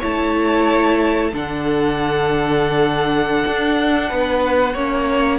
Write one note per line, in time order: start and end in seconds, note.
0.00 1.33 A3
0.00 1.32 E4
0.00 1.30 C#5
0.00 1.34 A5
1.33 3.45 D3
1.33 4.76 D4
1.33 4.09 A4
1.33 5.39 F#5
3.47 4.12 D4
4.09 4.75 B3
4.09 4.74 B4
4.74 5.39 A#3
4.74 5.39 C#4
4.74 5.39 C#5